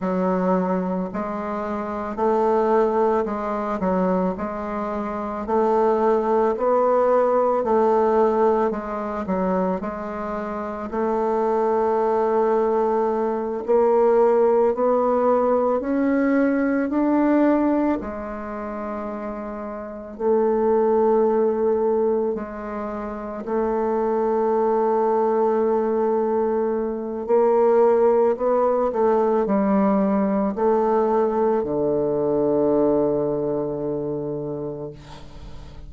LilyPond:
\new Staff \with { instrumentName = "bassoon" } { \time 4/4 \tempo 4 = 55 fis4 gis4 a4 gis8 fis8 | gis4 a4 b4 a4 | gis8 fis8 gis4 a2~ | a8 ais4 b4 cis'4 d'8~ |
d'8 gis2 a4.~ | a8 gis4 a2~ a8~ | a4 ais4 b8 a8 g4 | a4 d2. | }